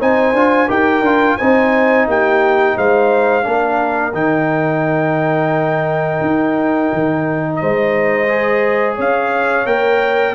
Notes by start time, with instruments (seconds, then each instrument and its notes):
0.00 tuba C4, trombone D#4, horn C5, trumpet G#5
0.34 tuba D4, trombone F4
0.67 tuba D#4, trombone G4, horn A#4, trumpet G5
1.01 tuba D4, trombone F4
1.37 tuba C4, trombone D#4, horn C5, trumpet G#5
2.07 tuba A#3, horn G4, trumpet G5
2.77 tuba G#3, horn C5, trumpet F5
3.44 tuba A#3, trombone D4, horn A#4
4.13 tuba D#3, trombone D#4, trumpet G5
6.21 tuba D#4
6.93 tuba D#3
7.56 horn C5, trumpet D#5
7.62 tuba G#3
8.28 trombone G#4
8.96 tuba C#4, horn C#5, trumpet F5
9.66 tuba A#3, trombone A#4, trumpet G5